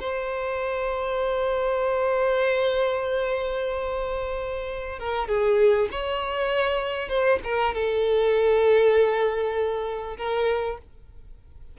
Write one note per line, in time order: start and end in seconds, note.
0.00 4.99 C5
4.99 5.28 A#4
5.28 5.89 G#4
5.91 7.09 C#5
7.09 7.39 C5
7.44 7.74 A#4
7.74 10.17 A4
10.17 10.78 A#4